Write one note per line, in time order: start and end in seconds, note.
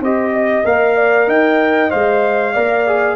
0.00 0.64 C4
0.00 0.65 G4
0.00 0.32 C5
0.00 0.66 D#5
0.33 0.96 D#5
0.65 1.27 A#3
0.65 1.90 A#4
0.65 1.29 F5
0.96 1.27 D5
1.27 1.90 D#4
1.27 2.53 D#5
1.27 1.91 G5
1.90 2.56 G#3
1.90 2.53 C5
1.90 3.16 F5
2.53 3.16 A#3
2.53 2.87 A#4
2.53 3.16 D5
2.87 3.16 G#4